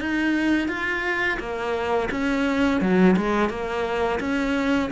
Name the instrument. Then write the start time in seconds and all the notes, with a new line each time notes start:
cello
0.00 D#4
0.68 F4
1.39 A#3
2.11 C#4
2.81 F#3
3.16 G#3
3.49 A#3
4.20 C#4